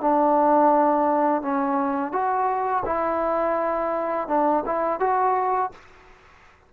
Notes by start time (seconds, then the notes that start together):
0.00 D4
1.41 C#4
2.12 F#4
2.85 E4
4.28 D4
4.65 E4
4.99 F#4